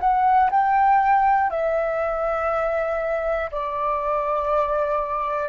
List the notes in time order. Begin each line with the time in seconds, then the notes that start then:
0.00 F#5
0.51 G5
1.50 E5
3.52 D5